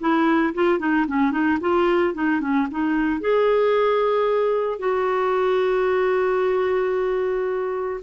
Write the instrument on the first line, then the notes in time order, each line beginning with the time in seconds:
clarinet
0.00 E4
0.54 F4
0.79 D#4
1.07 C#4
1.31 D#4
1.60 F4
2.14 D#4
2.41 C#4
2.71 D#4
3.21 G#4
4.79 F#4